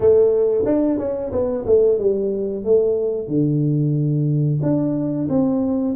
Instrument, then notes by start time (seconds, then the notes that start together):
tuba
0.00 A3
0.65 D4
0.98 C#4
1.32 B3
1.65 A3
1.98 G3
2.64 A3
3.27 D3
4.62 D4
5.29 C4